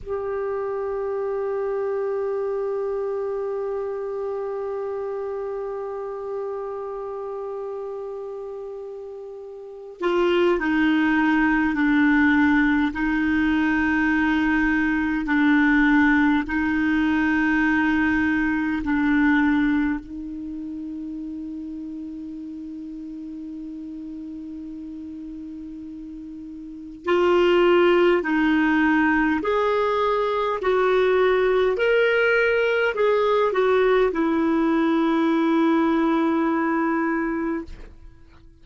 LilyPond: \new Staff \with { instrumentName = "clarinet" } { \time 4/4 \tempo 4 = 51 g'1~ | g'1~ | g'8 f'8 dis'4 d'4 dis'4~ | dis'4 d'4 dis'2 |
d'4 dis'2.~ | dis'2. f'4 | dis'4 gis'4 fis'4 ais'4 | gis'8 fis'8 e'2. | }